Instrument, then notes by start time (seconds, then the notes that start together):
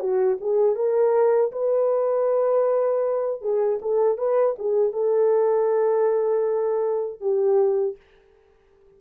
horn
0.00 F#4
0.40 G#4
0.75 A#4
1.52 B4
3.41 G#4
3.82 A4
4.18 B4
4.59 G#4
4.93 A4
7.20 G4